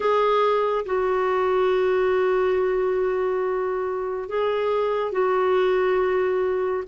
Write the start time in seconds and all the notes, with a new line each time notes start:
0.00 G#4
0.85 F#4
4.28 G#4
5.12 F#4